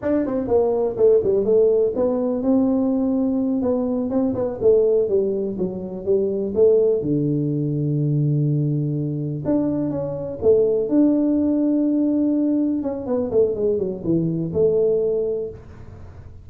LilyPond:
\new Staff \with { instrumentName = "tuba" } { \time 4/4 \tempo 4 = 124 d'8 c'8 ais4 a8 g8 a4 | b4 c'2~ c'8 b8~ | b8 c'8 b8 a4 g4 fis8~ | fis8 g4 a4 d4.~ |
d2.~ d8 d'8~ | d'8 cis'4 a4 d'4.~ | d'2~ d'8 cis'8 b8 a8 | gis8 fis8 e4 a2 | }